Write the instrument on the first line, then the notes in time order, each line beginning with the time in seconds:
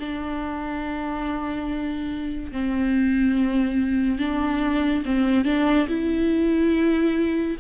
viola
0.00 D4
2.52 C4
4.19 D4
5.06 C4
5.45 D4
5.89 E4